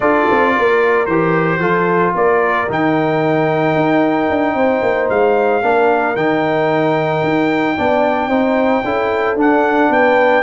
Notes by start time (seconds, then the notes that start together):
0.00 D4 F4 A4 D5
0.30 C4
0.54 A#3 A#4
1.05 E3 G4 C5
1.58 F3 F4 A4
2.14 A#3 A#4 D5
2.69 D#3 D#4 G5
3.75 D#4
4.29 D4
4.54 C4 C5
4.82 A#3
5.09 G#3 F5
5.62 A#3 D4 A#4
6.15 D#3 D#4 G5
7.23 D#4
7.76 B3 D4 D5
8.28 C4 D#4 C5
8.83 C#4 E4 A4
9.35 D4 F#5
9.89 B3 B4 G5